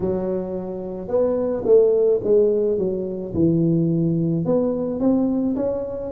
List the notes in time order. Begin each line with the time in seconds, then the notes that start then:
0.00 F#3
1.08 B3
1.64 A3
2.23 G#3
2.78 F#3
3.34 E3
4.45 B3
5.00 C4
5.56 C#4